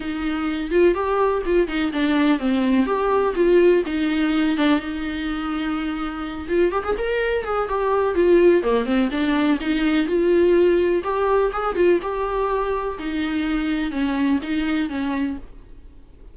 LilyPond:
\new Staff \with { instrumentName = "viola" } { \time 4/4 \tempo 4 = 125 dis'4. f'8 g'4 f'8 dis'8 | d'4 c'4 g'4 f'4 | dis'4. d'8 dis'2~ | dis'4. f'8 g'16 gis'16 ais'4 gis'8 |
g'4 f'4 ais8 c'8 d'4 | dis'4 f'2 g'4 | gis'8 f'8 g'2 dis'4~ | dis'4 cis'4 dis'4 cis'4 | }